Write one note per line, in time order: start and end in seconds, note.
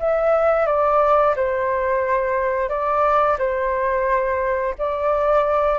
0.00 0.67 E5
0.67 1.35 D5
1.36 2.70 C5
2.70 3.38 D5
3.38 4.75 C5
4.79 5.80 D5